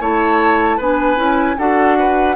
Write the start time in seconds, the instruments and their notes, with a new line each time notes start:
0.00 bassoon A3, clarinet E4, oboe C#5, flute A5
0.77 bassoon B3, clarinet D4, oboe B4, flute G#5
1.16 bassoon C#4, clarinet E4
1.58 bassoon D4, clarinet F#4, oboe A4, flute F#5
1.98 oboe B4